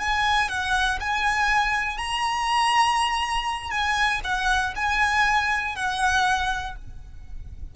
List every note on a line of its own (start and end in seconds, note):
0.00 0.49 G#5
0.49 0.99 F#5
1.00 1.98 G#5
1.98 3.71 A#5
3.71 4.21 G#5
4.25 4.75 F#5
4.76 5.76 G#5
5.76 6.76 F#5